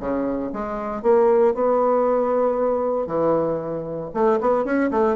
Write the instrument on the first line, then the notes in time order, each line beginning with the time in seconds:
bassoon
0.00 C#3
0.53 G#3
1.03 A#3
1.54 B3
3.07 E3
4.14 A3
4.41 B3
4.65 C#4
4.91 A3